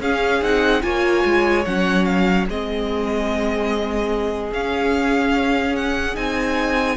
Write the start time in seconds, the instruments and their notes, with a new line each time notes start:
0.00 cello C#4, viola C#4, violin G#4 F5
0.41 cello C4, viola D#4, violin F#5
0.82 cello A#3, viola F4, violin C#5 G#5
1.24 cello G#3
1.65 cello F#3, viola C#4, violin F#5
2.05 violin F5
2.47 cello G#3, viola C4, violin G#4 D#5
4.51 cello C#4, viola C#4, violin F5
5.76 violin F#5
6.14 cello C4, viola D#4, violin G#5